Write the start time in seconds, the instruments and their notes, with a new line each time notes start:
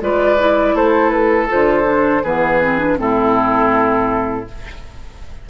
0.00 bassoon G#3, clarinet F4, oboe B4, flute D5
0.38 clarinet E4
0.74 bassoon A3, oboe A4, flute C5
1.09 flute B4
1.48 bassoon D3, clarinet F4, flute C5
1.83 clarinet D4
2.23 bassoon E3, clarinet B3, oboe G#4, flute B4
2.61 clarinet C4
2.78 clarinet D4
2.97 bassoon A2, clarinet C4, oboe E4, flute A4